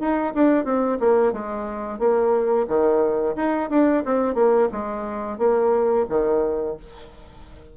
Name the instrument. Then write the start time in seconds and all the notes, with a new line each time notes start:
bassoon
0.00 D#4
0.34 D4
0.65 C4
1.00 A#3
1.33 G#3
1.99 A#3
2.68 D#3
3.36 D#4
3.70 D4
4.05 C4
4.35 A#3
4.72 G#3
5.38 A#3
6.09 D#3